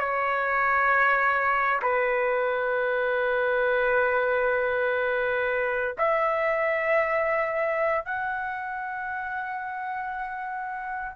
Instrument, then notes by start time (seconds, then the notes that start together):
trumpet
0.00 C#5
1.82 B4
5.99 E5
8.05 F#5